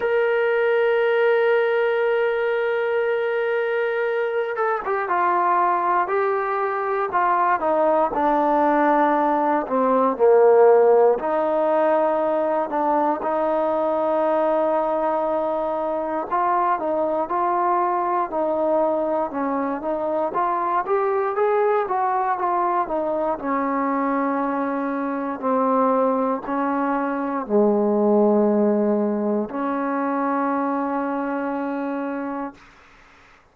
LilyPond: \new Staff \with { instrumentName = "trombone" } { \time 4/4 \tempo 4 = 59 ais'1~ | ais'8 a'16 g'16 f'4 g'4 f'8 dis'8 | d'4. c'8 ais4 dis'4~ | dis'8 d'8 dis'2. |
f'8 dis'8 f'4 dis'4 cis'8 dis'8 | f'8 g'8 gis'8 fis'8 f'8 dis'8 cis'4~ | cis'4 c'4 cis'4 gis4~ | gis4 cis'2. | }